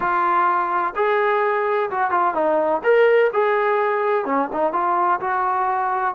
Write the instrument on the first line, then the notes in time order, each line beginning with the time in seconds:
trombone
0.00 F4
0.95 G#4
1.90 F#4
2.10 F4
2.34 D#4
2.83 A#4
3.33 G#4
4.25 C#4
4.52 D#4
4.72 F4
5.20 F#4